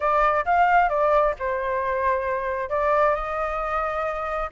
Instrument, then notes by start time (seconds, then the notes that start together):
flute
0.00 D5
0.45 F5
0.89 D5
1.39 C5
2.69 D5
3.14 D#5